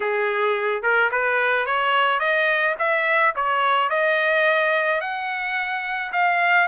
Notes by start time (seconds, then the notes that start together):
0.00 G#4
0.82 A#4
1.11 B4
1.66 C#5
2.19 D#5
2.79 E5
3.35 C#5
3.89 D#5
5.01 F#5
6.12 F5